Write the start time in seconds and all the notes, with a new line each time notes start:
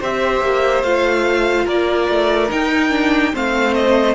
0.00 C4 G4 C5 E5
0.41 A#3
0.83 A3 F4 F5
1.65 A#3 A#4 D5
2.09 A3
2.49 D#4 G5
2.90 D4
3.33 A3 C4 C5 F5
3.74 D#5